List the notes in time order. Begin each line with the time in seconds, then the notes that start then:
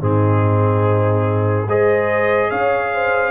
0.00 G#2 C4 D#4 G#4
1.67 G#3 G#4 C5 D#5
2.50 C#4 C#5 F5
2.93 C5